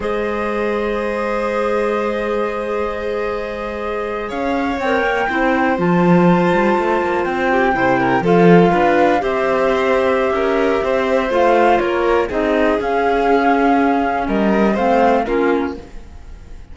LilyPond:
<<
  \new Staff \with { instrumentName = "flute" } { \time 4/4 \tempo 4 = 122 dis''1~ | dis''1~ | dis''8. f''4 g''2 a''16~ | a''2~ a''8. g''4~ g''16~ |
g''8. f''2 e''4~ e''16~ | e''2. f''4 | cis''4 dis''4 f''2~ | f''4 dis''4 f''4 ais'4 | }
  \new Staff \with { instrumentName = "violin" } { \time 4/4 c''1~ | c''1~ | c''8. cis''2 c''4~ c''16~ | c''2.~ c''16 g'8 c''16~ |
c''16 ais'8 a'4 b'4 c''4~ c''16~ | c''4 ais'4 c''2 | ais'4 gis'2.~ | gis'4 ais'4 c''4 f'4 | }
  \new Staff \with { instrumentName = "clarinet" } { \time 4/4 gis'1~ | gis'1~ | gis'4.~ gis'16 ais'4 e'4 f'16~ | f'2.~ f'8. e'16~ |
e'8. f'2 g'4~ g'16~ | g'2. f'4~ | f'4 dis'4 cis'2~ | cis'2 c'4 cis'4 | }
  \new Staff \with { instrumentName = "cello" } { \time 4/4 gis1~ | gis1~ | gis8. cis'4 c'8 ais8 c'4 f16~ | f4~ f16 g8 a8 ais8 c'4 c16~ |
c8. f4 d'4 c'4~ c'16~ | c'4 cis'4 c'4 a4 | ais4 c'4 cis'2~ | cis'4 g4 a4 ais4 | }
>>